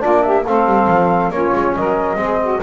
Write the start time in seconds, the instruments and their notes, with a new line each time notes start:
0.00 double bass A#3, trombone D4, saxophone F4, flute D5
0.23 saxophone G4, flute E5
0.45 double bass A3, trombone C4, saxophone A4, flute F5
0.66 double bass G3
0.87 double bass F3
1.30 double bass A#3, trombone C#4, saxophone F4, flute C#5
1.54 double bass G#3
1.75 double bass F#3, saxophone A#4, flute D#5
2.16 double bass G#3, trombone C4, saxophone G#4
2.41 saxophone F#4